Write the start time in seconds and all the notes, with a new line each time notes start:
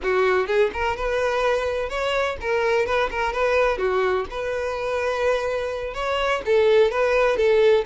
0.02 F#4
0.46 G#4
0.73 A#4
0.96 B4
1.89 C#5
2.40 A#4
2.85 B4
3.10 A#4
3.32 B4
3.77 F#4
4.30 B4
5.94 C#5
6.45 A4
6.91 B4
7.36 A4